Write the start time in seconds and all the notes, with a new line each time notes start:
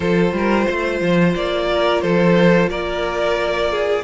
0.00 F3 F4 A4 C5
0.32 G3 A#4
0.65 A3 C5
1.01 F3
1.35 A#3 D5
1.71 A#4
2.01 F3 A4 C5
2.68 A#3 A#4 D5
3.71 G#4